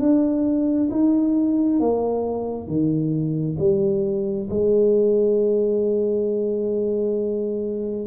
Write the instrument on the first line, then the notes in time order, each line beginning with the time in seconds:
tuba
0.00 D4
0.91 D#4
1.80 A#3
2.67 D#3
3.59 G3
4.50 G#3